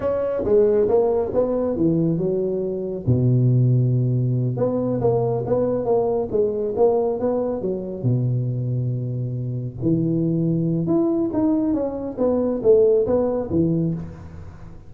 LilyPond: \new Staff \with { instrumentName = "tuba" } { \time 4/4 \tempo 4 = 138 cis'4 gis4 ais4 b4 | e4 fis2 b,4~ | b,2~ b,8 b4 ais8~ | ais8 b4 ais4 gis4 ais8~ |
ais8 b4 fis4 b,4.~ | b,2~ b,8 e4.~ | e4 e'4 dis'4 cis'4 | b4 a4 b4 e4 | }